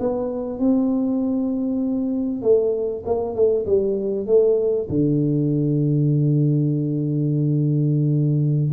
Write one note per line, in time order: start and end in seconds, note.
0.00 0.60 B3
0.60 2.42 C4
2.42 3.04 A3
3.06 3.35 A#3
3.35 3.66 A3
3.66 4.27 G3
4.27 4.88 A3
4.90 8.72 D3